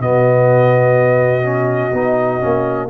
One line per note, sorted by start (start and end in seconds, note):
0.00 1.93 B2
0.00 1.43 B3
0.00 2.90 F#4
0.00 2.90 D#5
1.43 1.92 C#4
1.93 2.41 B3
1.93 2.41 D#4
2.41 2.90 A#3
2.41 2.89 C#4